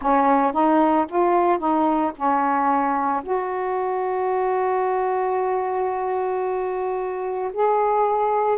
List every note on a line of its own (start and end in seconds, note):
0.01 0.52 C#4
0.52 1.06 D#4
1.08 1.58 F4
1.58 2.12 D#4
2.15 3.22 C#4
3.23 7.51 F#4
7.53 8.58 G#4